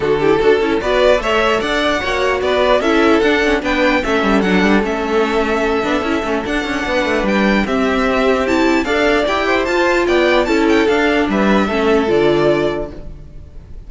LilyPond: <<
  \new Staff \with { instrumentName = "violin" } { \time 4/4 \tempo 4 = 149 a'2 d''4 e''4 | fis''2 d''4 e''4 | fis''4 g''4 e''4 fis''4 | e''1 |
fis''2 g''4 e''4~ | e''4 a''4 f''4 g''4 | a''4 g''4 a''8 g''8 f''4 | e''2 d''2 | }
  \new Staff \with { instrumentName = "violin" } { \time 4/4 fis'8 g'8 a'4 b'4 cis''4 | d''4 cis''4 b'4 a'4~ | a'4 b'4 a'2~ | a'1~ |
a'4 b'2 g'4~ | g'2 d''4. c''8~ | c''4 d''4 a'2 | b'4 a'2. | }
  \new Staff \with { instrumentName = "viola" } { \time 4/4 d'8 e'8 fis'8 e'8 fis'4 a'4~ | a'4 fis'2 e'4 | d'8 cis'8 d'4 cis'4 d'4 | cis'2~ cis'8 d'8 e'8 cis'8 |
d'2. c'4~ | c'4 e'4 a'4 g'4 | f'2 e'4 d'4~ | d'4 cis'4 f'2 | }
  \new Staff \with { instrumentName = "cello" } { \time 4/4 d4 d'8 cis'8 b4 a4 | d'4 ais4 b4 cis'4 | d'4 b4 a8 g8 fis8 g8 | a2~ a8 b8 cis'8 a8 |
d'8 cis'8 b8 a8 g4 c'4~ | c'2 d'4 e'4 | f'4 b4 cis'4 d'4 | g4 a4 d2 | }
>>